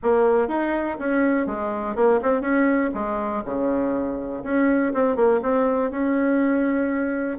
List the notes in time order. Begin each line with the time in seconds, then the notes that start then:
0.02 A#3
0.48 D#4
0.99 C#4
1.46 G#3
1.95 A#3
2.22 C4
2.41 C#4
2.94 G#3
3.44 C#3
4.43 C#4
4.93 C4
5.15 A#3
5.42 C4
5.91 C#4